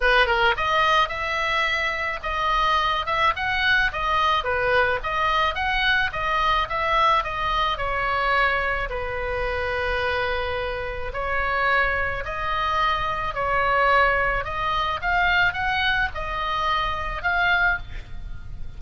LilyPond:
\new Staff \with { instrumentName = "oboe" } { \time 4/4 \tempo 4 = 108 b'8 ais'8 dis''4 e''2 | dis''4. e''8 fis''4 dis''4 | b'4 dis''4 fis''4 dis''4 | e''4 dis''4 cis''2 |
b'1 | cis''2 dis''2 | cis''2 dis''4 f''4 | fis''4 dis''2 f''4 | }